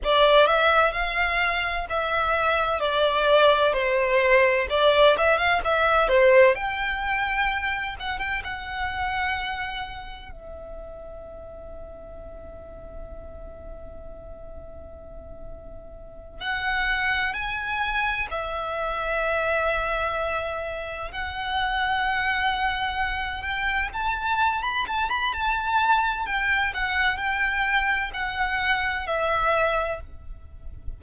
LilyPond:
\new Staff \with { instrumentName = "violin" } { \time 4/4 \tempo 4 = 64 d''8 e''8 f''4 e''4 d''4 | c''4 d''8 e''16 f''16 e''8 c''8 g''4~ | g''8 fis''16 g''16 fis''2 e''4~ | e''1~ |
e''4. fis''4 gis''4 e''8~ | e''2~ e''8 fis''4.~ | fis''4 g''8 a''8. b''16 a''16 b''16 a''4 | g''8 fis''8 g''4 fis''4 e''4 | }